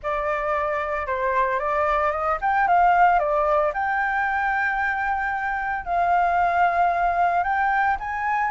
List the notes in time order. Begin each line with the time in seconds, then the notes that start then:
0.02 D5
1.06 C5
1.59 D5
2.11 D#5
2.41 G5
2.67 F5
3.19 D5
3.73 G5
5.85 F5
7.43 G5
7.99 G#5